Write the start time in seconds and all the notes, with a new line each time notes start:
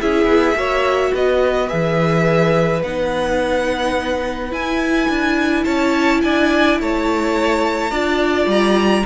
0.00 C#4 E4 G#4 E5
0.25 B3
0.55 A#3 F#4 C#5
1.12 B3 B4 D#5
1.68 E3 G#4 E5
2.83 B3 D#4 F#5
4.50 E4 G#5
5.08 D4
5.64 C#4 C#5 A5
6.21 D4 D5 G#5
6.80 A3 C#5 A5
7.91 D4 F4 D5
8.46 G3 A#5